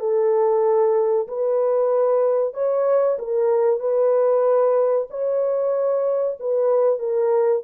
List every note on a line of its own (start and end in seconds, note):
0.00 1.28 A4
1.28 2.54 B4
2.54 3.18 C#5
3.19 3.80 A#4
3.80 5.08 B4
5.10 6.38 C#5
6.40 6.99 B4
6.99 7.63 A#4